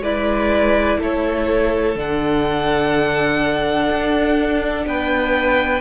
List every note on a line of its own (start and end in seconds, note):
0.00 0.97 G#3
0.00 1.95 E4
0.00 0.98 B4
0.00 1.00 D5
0.98 1.95 A3
0.98 4.85 A4
0.98 1.99 C#5
1.95 3.89 D3
1.95 5.81 D4
1.95 4.87 F#5
3.90 4.86 D4
4.86 5.81 B3
4.86 5.81 B4
4.86 5.81 G5